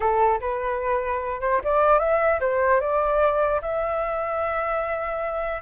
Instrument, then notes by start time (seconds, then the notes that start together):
flute
0.00 A4
0.40 B4
1.41 C5
1.64 D5
1.99 E5
2.40 C5
2.80 D5
3.61 E5